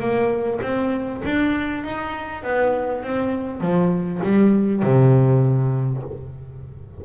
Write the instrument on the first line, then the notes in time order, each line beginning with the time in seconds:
double bass
0.00 A#3
0.63 C4
1.25 D4
1.84 D#4
2.43 B3
3.04 C4
3.61 F3
4.24 G3
4.83 C3